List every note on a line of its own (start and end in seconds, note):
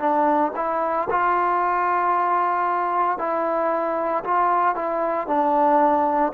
0.00 0.53 D4
0.56 1.09 E4
1.11 3.19 F4
3.19 4.24 E4
4.24 4.76 F4
4.76 5.28 E4
5.28 6.33 D4